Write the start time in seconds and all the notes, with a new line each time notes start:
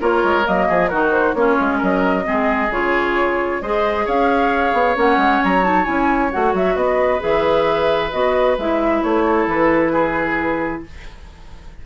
0.00 A#3 F4 A#4 C#5
0.23 G#3
0.44 F#3 A#3 D#5
0.68 F3 G#4
0.88 D#3 D#4 F#4 A#4
1.11 C5
1.33 A#3 C#4 F4 C#5
1.60 G#3
1.78 F#3 A#4 D#5
2.24 G#3 C4 G#4
2.69 C#3 F4 C#5
3.61 G#3 G#4 C5 D#5
4.05 C#4 C#5 F5
4.73 B3
4.96 A#3 C#4 F#5
5.17 G#3
5.44 F#3 A#5
5.63 D#4 A5
5.84 C#4 E4 G#5
6.32 A3 F#4 F#5
6.53 F#3 E5
6.75 B3 B4 D#5
7.19 E3 G#4 E5
8.11 B3 F#4 D#5
8.58 G#3 E4 E5
9.03 A3 C#5
9.25 A4
9.46 E3 B4
9.92 G#4